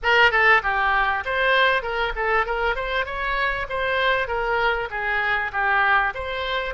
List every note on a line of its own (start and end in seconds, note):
0.03 0.31 A#4
0.31 0.62 A4
0.63 1.24 G4
1.25 1.82 C5
1.82 2.13 A#4
2.15 2.45 A4
2.45 2.76 A#4
2.76 3.05 C5
3.05 3.67 C#5
3.69 4.27 C5
4.27 4.88 A#4
4.90 5.51 G#4
5.52 6.13 G4
6.14 6.74 C5